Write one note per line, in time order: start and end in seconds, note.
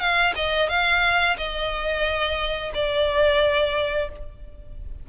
0.00 0.34 F5
0.36 0.69 D#5
0.69 1.37 F5
1.38 2.72 D#5
2.74 4.09 D5